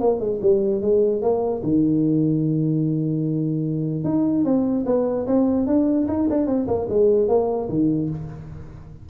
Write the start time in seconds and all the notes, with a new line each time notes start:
0.00 A#3
0.20 G#3
0.41 G3
0.81 G#3
1.22 A#3
1.63 D#3
4.04 D#4
4.45 C4
4.86 B3
5.27 C4
5.66 D4
6.08 D#4
6.29 D4
6.47 C4
6.67 A#3
6.89 G#3
7.28 A#3
7.69 D#3